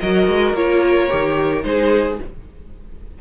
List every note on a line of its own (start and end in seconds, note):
0.00 0.27 F#3
0.00 0.55 F#4
0.00 1.65 A#4
0.00 0.55 D#5
0.27 0.53 G#3
0.53 1.08 A#3
0.53 1.09 F4
0.53 1.64 C#5
1.09 1.64 D#3
1.09 1.62 G4
1.62 2.19 G#3
1.62 2.17 D#4
1.62 2.21 G#4
1.62 2.19 C5